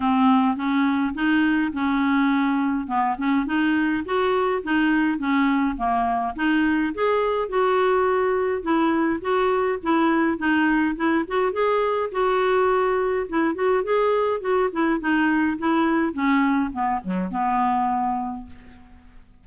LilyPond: \new Staff \with { instrumentName = "clarinet" } { \time 4/4 \tempo 4 = 104 c'4 cis'4 dis'4 cis'4~ | cis'4 b8 cis'8 dis'4 fis'4 | dis'4 cis'4 ais4 dis'4 | gis'4 fis'2 e'4 |
fis'4 e'4 dis'4 e'8 fis'8 | gis'4 fis'2 e'8 fis'8 | gis'4 fis'8 e'8 dis'4 e'4 | cis'4 b8 fis8 b2 | }